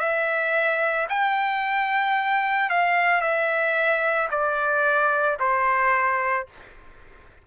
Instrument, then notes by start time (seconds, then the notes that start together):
trumpet
0.00 E5
1.10 G5
2.70 F5
3.21 E5
4.31 D5
5.40 C5